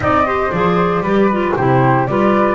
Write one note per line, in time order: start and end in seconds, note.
0.00 0.50 C4
0.00 0.24 D#4
0.00 0.26 D5
0.00 0.51 D#5
0.25 0.51 G4
0.25 1.02 C5
0.51 1.00 F3
0.51 1.04 G#4
0.51 1.54 D5
1.00 1.52 G3
1.00 1.30 G4
1.00 1.54 B4
1.31 1.57 F4
1.55 2.07 C3
1.55 2.08 E4
1.55 2.08 G4
1.55 2.06 C5
2.06 2.55 G3
2.06 2.55 F4
2.06 2.55 B4
2.06 2.55 D5